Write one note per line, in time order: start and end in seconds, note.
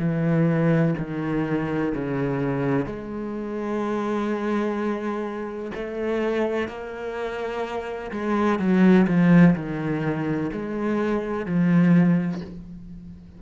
0.00 0.95 E3
0.99 1.94 D#3
1.95 2.86 C#3
2.86 5.72 G#3
5.75 6.69 A3
6.69 8.12 A#3
8.12 8.60 G#3
8.60 9.07 F#3
9.08 9.55 F3
9.56 10.51 D#3
10.53 11.46 G#3
11.46 12.42 F3